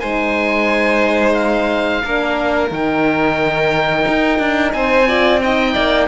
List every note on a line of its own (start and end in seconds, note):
0.00 2.03 G#3
0.00 2.03 D#4
0.00 2.03 C5
0.00 1.34 G#5
1.34 2.69 F5
2.03 2.71 A#3
2.03 2.70 D4
2.03 4.74 A#4
2.70 4.06 D#3
2.70 5.06 D#4
2.70 4.73 G5
4.08 4.39 D#4
4.39 4.73 D4
4.73 5.75 C4
4.73 5.09 C5
4.73 5.40 G#5
5.07 5.41 F4
5.07 5.42 D5
5.41 6.08 D#4
5.41 5.73 D#5
5.41 6.08 G5
5.73 6.08 A#3
5.73 6.07 D5